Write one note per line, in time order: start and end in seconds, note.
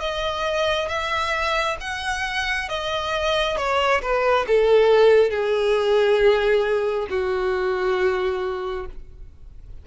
0.00 0.88 D#5
0.89 1.77 E5
1.80 2.69 F#5
2.69 3.57 D#5
3.57 4.01 C#5
4.01 4.46 B4
4.47 5.31 A4
5.31 7.07 G#4
7.09 8.86 F#4